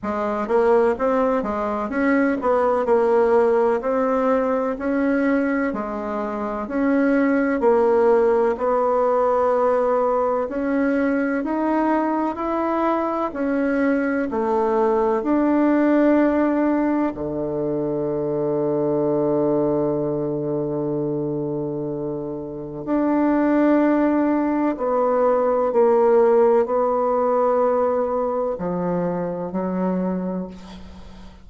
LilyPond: \new Staff \with { instrumentName = "bassoon" } { \time 4/4 \tempo 4 = 63 gis8 ais8 c'8 gis8 cis'8 b8 ais4 | c'4 cis'4 gis4 cis'4 | ais4 b2 cis'4 | dis'4 e'4 cis'4 a4 |
d'2 d2~ | d1 | d'2 b4 ais4 | b2 f4 fis4 | }